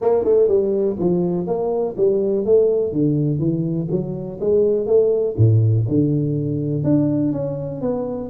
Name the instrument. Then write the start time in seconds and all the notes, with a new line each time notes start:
tuba
0.01 A#3
0.24 A3
0.48 G3
0.99 F3
1.46 A#3
1.97 G3
2.45 A3
2.92 D3
3.39 E3
3.90 F#3
4.40 G#3
4.86 A3
5.37 A2
5.88 D3
6.83 D4
7.32 C#4
7.81 B3